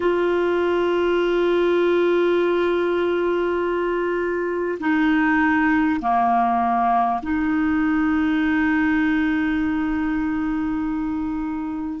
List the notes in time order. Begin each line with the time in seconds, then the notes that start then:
0.00 F4
4.79 D#4
6.00 A#3
7.22 D#4